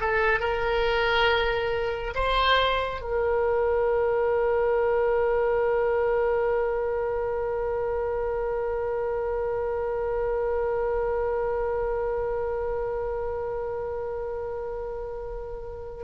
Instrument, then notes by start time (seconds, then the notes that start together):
oboe
0.00 A4
0.39 A#4
2.15 C5
3.00 A#4